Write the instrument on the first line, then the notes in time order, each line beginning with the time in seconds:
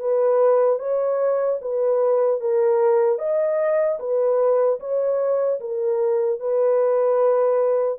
horn
0.00 B4
0.79 C#5
1.62 B4
2.41 A#4
3.19 D#5
4.00 B4
4.80 C#5
5.60 A#4
6.40 B4